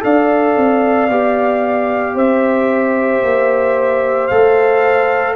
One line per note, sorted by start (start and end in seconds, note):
0.00 0.56 D4
0.00 1.07 A4
0.00 2.15 D5
0.00 2.17 F5
0.56 1.09 C4
1.09 2.15 B3
1.09 4.30 G4
2.15 3.22 C4
2.15 5.36 C5
2.15 4.27 E5
3.23 4.30 A#3
4.27 5.36 A3
4.27 5.36 A4
4.27 5.35 F5